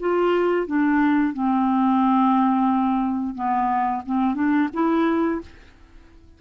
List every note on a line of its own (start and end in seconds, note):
0.00 0.67 F4
0.67 1.34 D4
1.34 3.35 C4
3.35 4.03 B3
4.06 4.35 C4
4.35 4.69 D4
4.74 5.41 E4